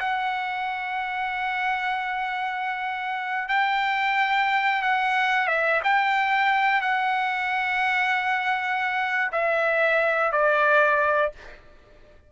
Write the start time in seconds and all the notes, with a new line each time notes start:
0.00 F#5
3.49 G5
4.82 F#5
5.48 E5
5.84 G5
6.82 F#5
9.32 E5
10.32 D5